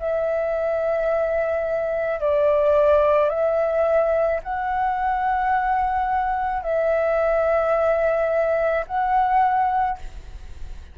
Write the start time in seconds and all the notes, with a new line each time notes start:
0.00 E5
2.21 D5
3.30 E5
4.43 F#5
6.63 E5
8.87 F#5